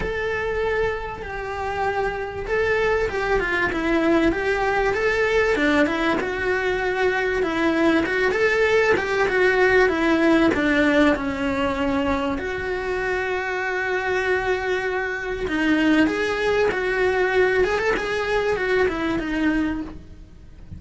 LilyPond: \new Staff \with { instrumentName = "cello" } { \time 4/4 \tempo 4 = 97 a'2 g'2 | a'4 g'8 f'8 e'4 g'4 | a'4 d'8 e'8 fis'2 | e'4 fis'8 a'4 g'8 fis'4 |
e'4 d'4 cis'2 | fis'1~ | fis'4 dis'4 gis'4 fis'4~ | fis'8 gis'16 a'16 gis'4 fis'8 e'8 dis'4 | }